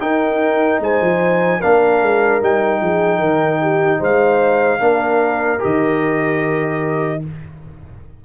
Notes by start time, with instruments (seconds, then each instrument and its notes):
0.00 trombone D#4, tuba D#4, horn A#4, trumpet G5
0.80 tuba G#3, horn C5, trumpet G#5
1.01 tuba F3
1.59 tuba A#3, trombone D4, horn A#4, trumpet F5
2.02 tuba G#3
2.41 tuba G3, trombone D#4, trumpet G5
2.81 tuba F3, horn G#4
3.18 tuba D#3, horn A#4
3.61 horn G4
3.99 tuba G#3, horn C5, trumpet F5
4.79 tuba A#3, trombone D4, horn A#4
5.59 tuba D#3, trombone G4, trumpet D#5